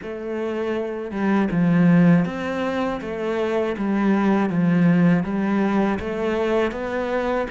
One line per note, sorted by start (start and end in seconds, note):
0.02 1.10 A3
1.10 1.48 G3
1.51 2.25 F3
2.25 3.00 C4
3.01 3.76 A3
3.77 4.49 G3
4.49 5.23 F3
5.23 5.98 G3
5.99 6.71 A3
6.71 7.46 B3